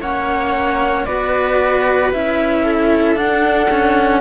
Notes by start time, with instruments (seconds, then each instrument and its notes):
0.00 cello A#3 C#4, viola C#5, flute F#5
1.05 cello B3 F#4, viola B4, flute D5
2.13 cello C#4 E4, flute E5
2.64 viola A4
3.15 cello D4, flute F#5
3.71 cello C#4